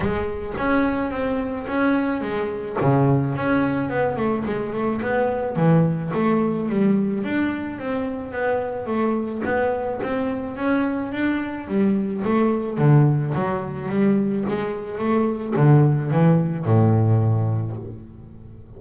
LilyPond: \new Staff \with { instrumentName = "double bass" } { \time 4/4 \tempo 4 = 108 gis4 cis'4 c'4 cis'4 | gis4 cis4 cis'4 b8 a8 | gis8 a8 b4 e4 a4 | g4 d'4 c'4 b4 |
a4 b4 c'4 cis'4 | d'4 g4 a4 d4 | fis4 g4 gis4 a4 | d4 e4 a,2 | }